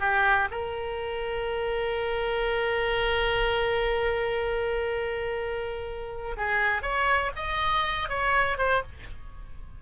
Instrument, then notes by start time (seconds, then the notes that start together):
oboe
0.00 G4
0.51 A#4
6.37 G#4
6.82 C#5
7.36 D#5
8.09 C#5
8.58 C5